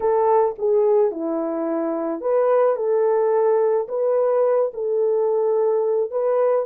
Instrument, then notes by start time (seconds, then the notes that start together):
horn
0.00 A4
0.58 G#4
1.11 E4
2.20 B4
2.76 A4
3.88 B4
4.73 A4
6.11 B4